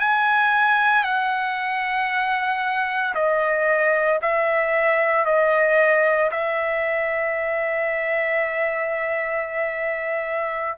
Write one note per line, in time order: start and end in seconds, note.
0.00 1.04 G#5
1.04 3.14 F#5
3.15 4.20 D#5
4.22 5.26 E5
5.26 6.31 D#5
6.32 10.78 E5